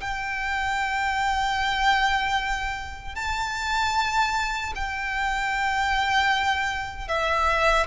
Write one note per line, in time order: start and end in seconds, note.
0.00 3.15 G5
3.15 4.73 A5
4.75 7.08 G5
7.08 7.87 E5